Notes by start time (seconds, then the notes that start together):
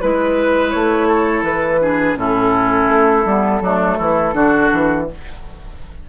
0.00 G#3 E4 B4
0.70 A3 C#5
1.07 A4
1.42 E3 B4
1.81 D4 G#4
2.16 A2 C#4 E4 A4
2.88 A3
3.25 G3 B3
3.61 F#3 A3 D4
3.98 E3 E4
4.33 D3 D4 F#4
4.72 E3